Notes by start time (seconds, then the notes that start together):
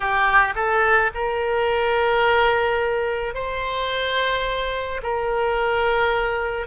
0.00 G4
0.55 A4
1.14 A#4
3.34 C5
5.03 A#4